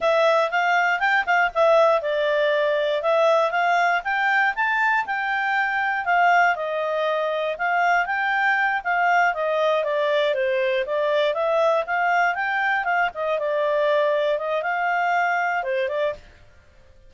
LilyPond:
\new Staff \with { instrumentName = "clarinet" } { \time 4/4 \tempo 4 = 119 e''4 f''4 g''8 f''8 e''4 | d''2 e''4 f''4 | g''4 a''4 g''2 | f''4 dis''2 f''4 |
g''4. f''4 dis''4 d''8~ | d''8 c''4 d''4 e''4 f''8~ | f''8 g''4 f''8 dis''8 d''4.~ | d''8 dis''8 f''2 c''8 d''8 | }